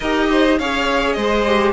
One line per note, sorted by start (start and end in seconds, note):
0.00 0.59 D#4
0.00 0.61 G4
0.00 0.28 A#4
0.00 0.58 D#5
0.31 0.58 C5
0.58 1.16 C#4
0.58 1.46 G#4
0.58 1.16 C#5
0.58 1.12 F5
1.12 1.73 G#3
1.12 1.73 C5
1.12 1.71 D#5
1.46 1.73 G4